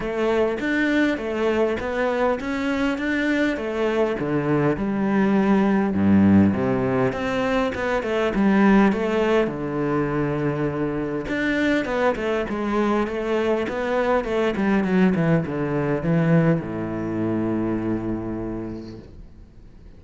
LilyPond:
\new Staff \with { instrumentName = "cello" } { \time 4/4 \tempo 4 = 101 a4 d'4 a4 b4 | cis'4 d'4 a4 d4 | g2 g,4 c4 | c'4 b8 a8 g4 a4 |
d2. d'4 | b8 a8 gis4 a4 b4 | a8 g8 fis8 e8 d4 e4 | a,1 | }